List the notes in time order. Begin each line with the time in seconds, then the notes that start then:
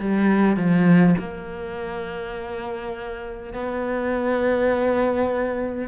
0.00 G3
0.57 F3
1.19 A#3
3.53 B3